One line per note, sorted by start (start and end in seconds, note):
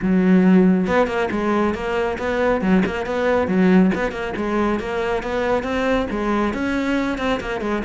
0.02 0.87 F#3
0.87 1.07 B3
1.07 1.28 A#3
1.31 1.74 G#3
1.74 2.17 A#3
2.18 2.61 B3
2.61 2.83 F#3
2.85 3.06 A#3
3.06 3.47 B3
3.47 3.91 F#3
3.94 4.11 B3
4.11 4.33 A#3
4.36 4.79 G#3
4.79 5.22 A#3
5.22 5.63 B3
5.63 6.06 C4
6.10 6.53 G#3
6.53 7.18 C#4
7.18 7.40 C4
7.40 7.60 A#3
7.60 7.82 G#3